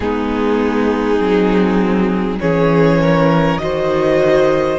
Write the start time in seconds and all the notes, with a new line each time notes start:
0.00 G#3 B3 D#4 G#4
1.19 F#3 C4
2.40 E3 C#4 G#4 C#5
3.01 A#4
3.58 D#3 F#4 C5 D#5